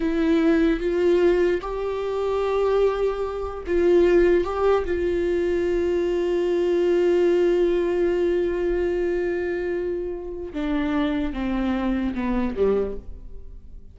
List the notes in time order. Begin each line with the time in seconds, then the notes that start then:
0.00 E4
0.79 F4
1.61 G4
3.67 F4
4.44 G4
4.85 F4
10.53 D4
11.33 C4
12.14 B3
12.55 G3